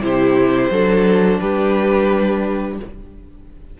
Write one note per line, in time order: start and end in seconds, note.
0.00 0.69 C3
0.00 0.71 E4
0.00 0.71 G4
0.00 1.39 C5
0.70 1.39 F#3
0.70 2.79 D4
0.70 1.40 A4
1.39 2.79 G3
1.39 2.78 G4
1.39 2.77 B4